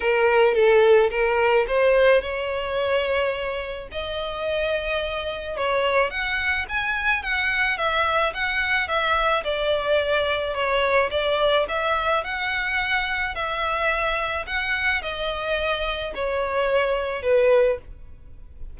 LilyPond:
\new Staff \with { instrumentName = "violin" } { \time 4/4 \tempo 4 = 108 ais'4 a'4 ais'4 c''4 | cis''2. dis''4~ | dis''2 cis''4 fis''4 | gis''4 fis''4 e''4 fis''4 |
e''4 d''2 cis''4 | d''4 e''4 fis''2 | e''2 fis''4 dis''4~ | dis''4 cis''2 b'4 | }